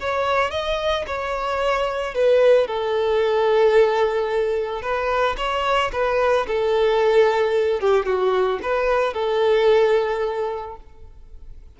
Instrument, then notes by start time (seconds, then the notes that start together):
violin
0.00 C#5
0.51 D#5
1.07 C#5
2.14 B4
2.67 A4
4.82 B4
5.37 C#5
5.92 B4
6.47 A4
7.81 G4
8.06 F#4
8.62 B4
9.14 A4